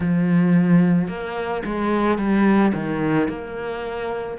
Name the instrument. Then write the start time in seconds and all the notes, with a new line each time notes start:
cello
0.00 F3
1.08 A#3
1.65 G#3
2.18 G3
2.73 D#3
3.28 A#3